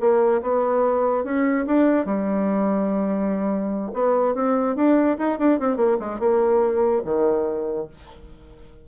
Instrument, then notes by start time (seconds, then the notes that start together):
bassoon
0.00 A#3
0.42 B3
1.24 C#4
1.67 D4
2.05 G3
3.93 B3
4.34 C4
4.76 D4
5.18 D#4
5.39 D4
5.59 C4
5.76 A#3
5.99 G#3
6.19 A#3
7.05 D#3